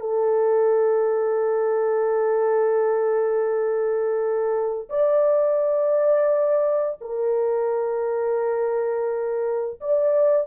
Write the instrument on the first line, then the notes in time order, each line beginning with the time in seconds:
horn
0.00 A4
4.89 D5
7.01 A#4
9.80 D5